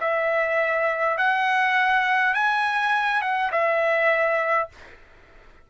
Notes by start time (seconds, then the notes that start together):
0.00 E5
1.18 F#5
2.34 G#5
3.21 F#5
3.51 E5